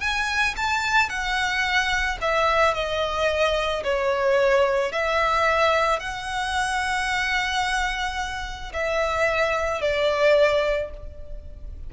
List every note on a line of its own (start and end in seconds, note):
0.00 0.55 G#5
0.56 1.09 A5
1.09 2.18 F#5
2.21 2.74 E5
2.74 3.83 D#5
3.83 4.92 C#5
4.92 6.00 E5
6.00 8.72 F#5
8.73 9.81 E5
9.81 10.90 D5